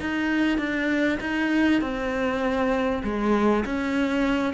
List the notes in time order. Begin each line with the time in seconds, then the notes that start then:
0.00 D#4
0.58 D4
1.21 D#4
1.81 C4
3.04 G#3
3.65 C#4